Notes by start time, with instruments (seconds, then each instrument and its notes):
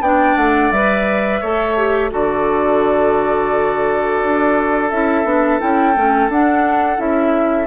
0.00 bassoon B3, clarinet D4, oboe D5, flute G5
0.37 bassoon A3, flute F#5
0.71 bassoon G3, clarinet B4, flute E5
1.40 bassoon A3, clarinet A4, oboe C#5
1.77 clarinet G4
2.10 bassoon D3, clarinet F#4, oboe A4, flute D5
4.23 bassoon D4
4.90 bassoon C#4, clarinet E4, flute E5
5.24 bassoon B3, clarinet D4
5.60 bassoon C#4, clarinet E4, flute G5
5.95 bassoon A3, clarinet C#4
6.28 bassoon D4, clarinet D4, flute F#5
6.97 bassoon C#4, clarinet E4, flute E5